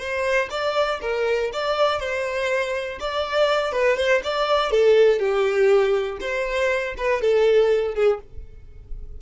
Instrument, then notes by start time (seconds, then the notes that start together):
violin
0.00 C5
0.51 D5
1.02 A#4
1.53 D5
2.00 C5
3.00 D5
3.73 B4
3.97 C5
4.24 D5
4.72 A4
5.20 G4
6.21 C5
6.98 B4
7.22 A4
7.95 G#4